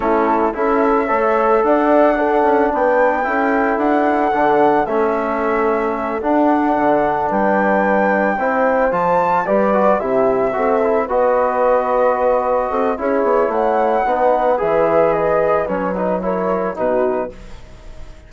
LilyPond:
<<
  \new Staff \with { instrumentName = "flute" } { \time 4/4 \tempo 4 = 111 a'4 e''2 fis''4~ | fis''4 g''2 fis''4~ | fis''4 e''2~ e''8 fis''8~ | fis''4. g''2~ g''8~ |
g''8 a''4 d''4 e''4.~ | e''8 dis''2.~ dis''8 | cis''4 fis''2 e''4 | dis''4 cis''8 b'8 cis''4 b'4 | }
  \new Staff \with { instrumentName = "horn" } { \time 4/4 e'4 a'4 cis''4 d''4 | a'4 b'4 a'2~ | a'1~ | a'4. b'2 c''8~ |
c''4. b'4 g'4 a'8~ | a'8 b'2. a'8 | gis'4 cis''4 b'2~ | b'2 ais'4 fis'4 | }
  \new Staff \with { instrumentName = "trombone" } { \time 4/4 cis'4 e'4 a'2 | d'2 e'2 | d'4 cis'2~ cis'8 d'8~ | d'2.~ d'8 e'8~ |
e'8 f'4 g'8 fis'8 e'4 fis'8 | e'8 fis'2.~ fis'8 | e'2 dis'4 gis'4~ | gis'4 cis'8 dis'8 e'4 dis'4 | }
  \new Staff \with { instrumentName = "bassoon" } { \time 4/4 a4 cis'4 a4 d'4~ | d'8 cis'8 b4 cis'4 d'4 | d4 a2~ a8 d'8~ | d'8 d4 g2 c'8~ |
c'8 f4 g4 c4 c'8~ | c'8 b2. c'8 | cis'8 b8 a4 b4 e4~ | e4 fis2 b,4 | }
>>